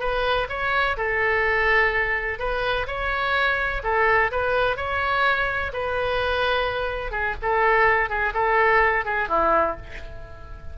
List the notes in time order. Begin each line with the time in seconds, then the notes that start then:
0.00 B4
0.49 C#5
0.97 A4
2.39 B4
2.87 C#5
3.84 A4
4.32 B4
4.77 C#5
5.73 B4
7.12 G#4
7.43 A4
8.10 G#4
8.34 A4
9.05 G#4
9.29 E4